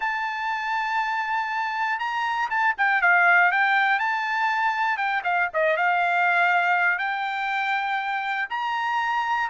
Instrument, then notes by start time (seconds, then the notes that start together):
trumpet
0.00 A5
1.99 A#5
2.50 A5
2.77 G5
3.01 F5
3.51 G5
3.99 A5
4.97 G5
5.24 F5
5.53 D#5
5.77 F5
6.98 G5
8.49 A#5